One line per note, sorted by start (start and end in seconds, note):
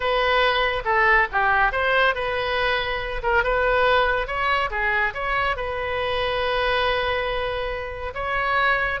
0.00 0.83 B4
0.84 1.27 A4
1.32 1.72 G4
1.72 2.14 C5
2.14 3.22 B4
3.23 3.43 A#4
3.43 4.27 B4
4.27 4.70 C#5
4.70 5.13 G#4
5.14 5.56 C#5
5.56 8.13 B4
8.14 9.00 C#5